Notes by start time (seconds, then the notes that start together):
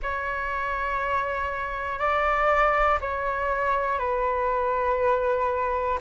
0.02 C#5
1.99 D5
3.00 C#5
3.99 B4